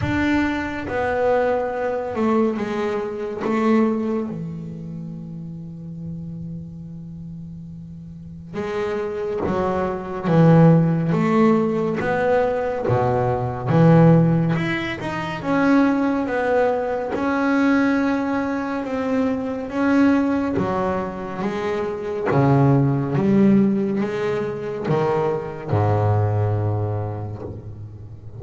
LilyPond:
\new Staff \with { instrumentName = "double bass" } { \time 4/4 \tempo 4 = 70 d'4 b4. a8 gis4 | a4 e2.~ | e2 gis4 fis4 | e4 a4 b4 b,4 |
e4 e'8 dis'8 cis'4 b4 | cis'2 c'4 cis'4 | fis4 gis4 cis4 g4 | gis4 dis4 gis,2 | }